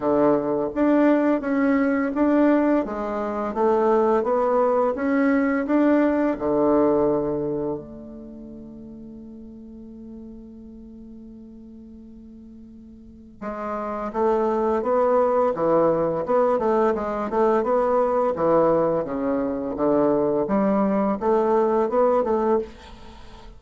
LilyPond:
\new Staff \with { instrumentName = "bassoon" } { \time 4/4 \tempo 4 = 85 d4 d'4 cis'4 d'4 | gis4 a4 b4 cis'4 | d'4 d2 a4~ | a1~ |
a2. gis4 | a4 b4 e4 b8 a8 | gis8 a8 b4 e4 cis4 | d4 g4 a4 b8 a8 | }